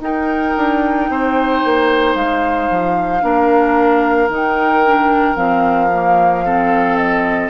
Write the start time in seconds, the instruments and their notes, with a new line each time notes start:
0.00 bassoon D#4, clarinet D#4, oboe A#4, flute G5
0.57 bassoon D4
1.09 bassoon C4, oboe C5
1.64 bassoon A#3
2.15 bassoon G#3, flute F5
2.70 bassoon F3
3.21 bassoon A#3, clarinet D4, oboe A#4
4.29 bassoon D#3, clarinet D#4
4.35 flute G5
4.86 clarinet D4
5.35 bassoon F3, clarinet C4, flute F5
5.93 clarinet A#3
6.45 clarinet C4, oboe A4
6.97 flute D#5